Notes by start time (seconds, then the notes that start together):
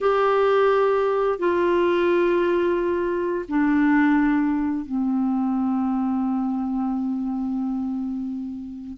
0.00 G4
1.38 F4
3.48 D4
4.85 C4